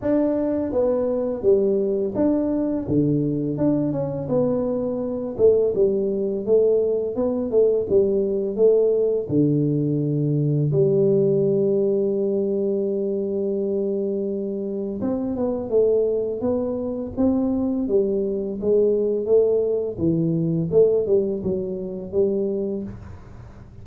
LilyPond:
\new Staff \with { instrumentName = "tuba" } { \time 4/4 \tempo 4 = 84 d'4 b4 g4 d'4 | d4 d'8 cis'8 b4. a8 | g4 a4 b8 a8 g4 | a4 d2 g4~ |
g1~ | g4 c'8 b8 a4 b4 | c'4 g4 gis4 a4 | e4 a8 g8 fis4 g4 | }